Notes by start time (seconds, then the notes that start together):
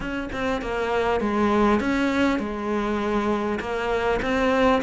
0.00 C#4
0.32 C4
0.61 A#3
1.20 G#3
1.79 C#4
2.39 G#3
3.60 A#3
4.22 C4